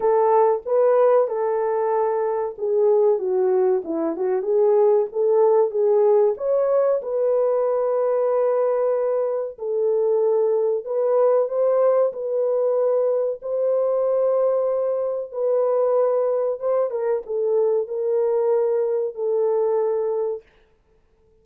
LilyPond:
\new Staff \with { instrumentName = "horn" } { \time 4/4 \tempo 4 = 94 a'4 b'4 a'2 | gis'4 fis'4 e'8 fis'8 gis'4 | a'4 gis'4 cis''4 b'4~ | b'2. a'4~ |
a'4 b'4 c''4 b'4~ | b'4 c''2. | b'2 c''8 ais'8 a'4 | ais'2 a'2 | }